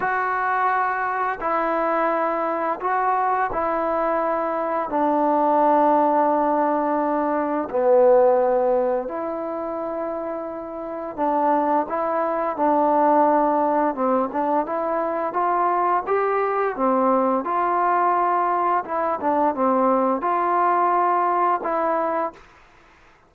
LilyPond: \new Staff \with { instrumentName = "trombone" } { \time 4/4 \tempo 4 = 86 fis'2 e'2 | fis'4 e'2 d'4~ | d'2. b4~ | b4 e'2. |
d'4 e'4 d'2 | c'8 d'8 e'4 f'4 g'4 | c'4 f'2 e'8 d'8 | c'4 f'2 e'4 | }